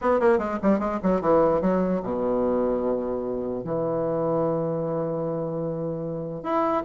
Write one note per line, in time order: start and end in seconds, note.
0.01 0.20 B3
0.20 0.38 A#3
0.38 0.58 G#3
0.62 0.79 G3
0.79 0.99 G#3
1.03 1.21 F#3
1.21 1.61 E3
1.61 2.01 F#3
2.03 3.64 B2
3.64 6.43 E3
6.43 6.83 E4